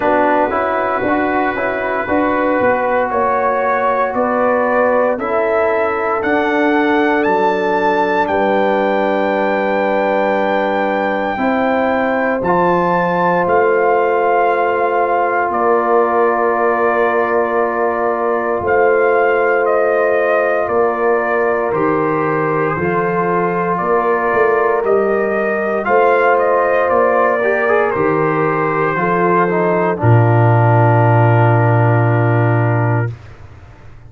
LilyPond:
<<
  \new Staff \with { instrumentName = "trumpet" } { \time 4/4 \tempo 4 = 58 b'2. cis''4 | d''4 e''4 fis''4 a''4 | g''1 | a''4 f''2 d''4~ |
d''2 f''4 dis''4 | d''4 c''2 d''4 | dis''4 f''8 dis''8 d''4 c''4~ | c''4 ais'2. | }
  \new Staff \with { instrumentName = "horn" } { \time 4/4 fis'2 b'4 cis''4 | b'4 a'2. | b'2. c''4~ | c''2. ais'4~ |
ais'2 c''2 | ais'2 a'4 ais'4~ | ais'4 c''4. ais'4. | a'4 f'2. | }
  \new Staff \with { instrumentName = "trombone" } { \time 4/4 d'8 e'8 fis'8 e'8 fis'2~ | fis'4 e'4 d'2~ | d'2. e'4 | f'1~ |
f'1~ | f'4 g'4 f'2 | g'4 f'4. g'16 gis'16 g'4 | f'8 dis'8 d'2. | }
  \new Staff \with { instrumentName = "tuba" } { \time 4/4 b8 cis'8 d'8 cis'8 d'8 b8 ais4 | b4 cis'4 d'4 fis4 | g2. c'4 | f4 a2 ais4~ |
ais2 a2 | ais4 dis4 f4 ais8 a8 | g4 a4 ais4 dis4 | f4 ais,2. | }
>>